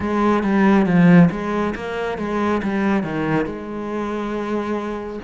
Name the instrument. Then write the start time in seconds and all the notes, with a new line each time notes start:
cello
0.00 G#3
0.43 G3
0.85 F3
1.30 G#3
1.75 A#3
2.17 G#3
2.62 G3
3.03 D#3
3.45 G#3